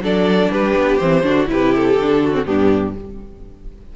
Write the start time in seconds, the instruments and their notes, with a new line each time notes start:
0.00 cello F#3, viola D4, violin A4 D5
0.51 cello G3, violin G4 B4
0.76 cello B3
0.97 cello E3, viola C4, violin C5
1.23 cello D3, viola D4, violin F#4
1.46 cello C3, viola E4, violin B4
1.52 violin G4
1.75 violin A4
1.98 cello D3, viola D4
2.23 violin F#4
2.32 viola C4
2.45 cello G2, viola B3, violin D4 G4